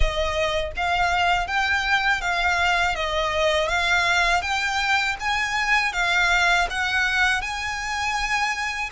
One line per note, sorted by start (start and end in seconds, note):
0.00 0.72 D#5
0.76 1.46 F5
1.46 2.21 G5
2.21 2.95 F5
2.95 3.68 D#5
3.68 4.41 F5
4.41 5.15 G5
5.20 5.93 G#5
5.93 6.67 F5
6.70 7.41 F#5
7.41 8.89 G#5